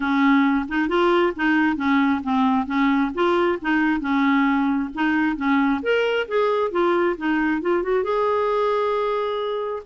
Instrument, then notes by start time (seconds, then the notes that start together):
clarinet
0.00 C#4
0.68 D#4
0.88 F4
1.36 D#4
1.76 C#4
2.23 C4
2.66 C#4
3.14 F4
3.61 D#4
4.00 C#4
4.94 D#4
5.36 C#4
5.82 A#4
6.28 G#4
6.71 F4
7.17 D#4
7.61 F4
7.83 F#4
8.03 G#4